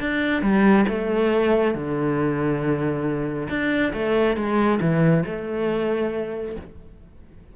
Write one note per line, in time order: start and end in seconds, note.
0.00 0.42 D4
0.42 0.85 G3
0.89 1.74 A3
1.74 3.48 D3
3.49 3.93 D4
3.93 4.36 A3
4.36 4.80 G#3
4.81 5.24 E3
5.25 6.56 A3